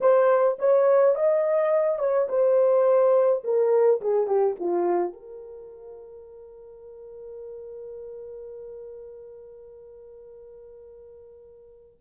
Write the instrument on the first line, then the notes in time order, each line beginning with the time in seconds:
horn
0.00 C5
0.58 C#5
1.15 D#5
1.98 C#5
2.28 C5
3.43 A#4
4.01 G#4
4.27 G4
4.59 F4
5.12 A#4